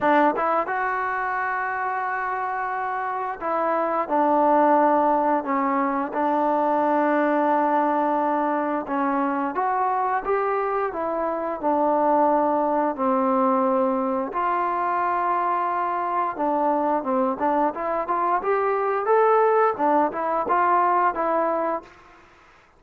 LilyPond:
\new Staff \with { instrumentName = "trombone" } { \time 4/4 \tempo 4 = 88 d'8 e'8 fis'2.~ | fis'4 e'4 d'2 | cis'4 d'2.~ | d'4 cis'4 fis'4 g'4 |
e'4 d'2 c'4~ | c'4 f'2. | d'4 c'8 d'8 e'8 f'8 g'4 | a'4 d'8 e'8 f'4 e'4 | }